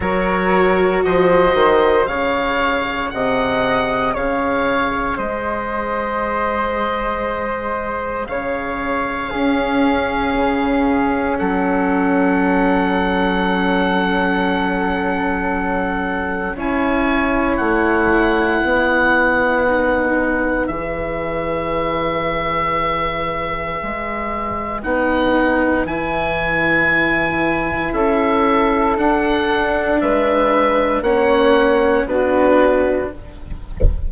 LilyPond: <<
  \new Staff \with { instrumentName = "oboe" } { \time 4/4 \tempo 4 = 58 cis''4 dis''4 f''4 fis''4 | f''4 dis''2. | f''2. fis''4~ | fis''1 |
gis''4 fis''2. | e''1 | fis''4 gis''2 e''4 | fis''4 e''4 fis''4 b'4 | }
  \new Staff \with { instrumentName = "flute" } { \time 4/4 ais'4 c''4 cis''4 dis''4 | cis''4 c''2. | cis''4 gis'2 a'4~ | a'1 |
cis''2 b'2~ | b'1~ | b'2. a'4~ | a'4 b'4 cis''4 fis'4 | }
  \new Staff \with { instrumentName = "cello" } { \time 4/4 fis'2 gis'2~ | gis'1~ | gis'4 cis'2.~ | cis'1 |
e'2. dis'4 | gis'1 | dis'4 e'2. | d'2 cis'4 d'4 | }
  \new Staff \with { instrumentName = "bassoon" } { \time 4/4 fis4 f8 dis8 cis4 c4 | cis4 gis2. | cis4 cis'4 cis4 fis4~ | fis1 |
cis'4 a4 b2 | e2. gis4 | b4 e2 cis'4 | d'4 gis4 ais4 b4 | }
>>